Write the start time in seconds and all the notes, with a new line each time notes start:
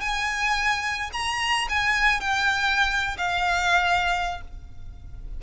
0.00 G#5
1.13 A#5
1.69 G#5
2.20 G5
3.17 F5